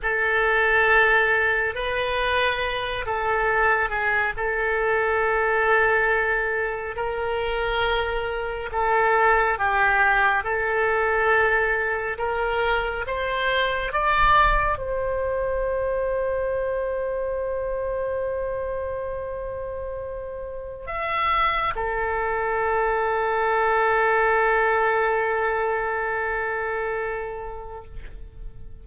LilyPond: \new Staff \with { instrumentName = "oboe" } { \time 4/4 \tempo 4 = 69 a'2 b'4. a'8~ | a'8 gis'8 a'2. | ais'2 a'4 g'4 | a'2 ais'4 c''4 |
d''4 c''2.~ | c''1 | e''4 a'2.~ | a'1 | }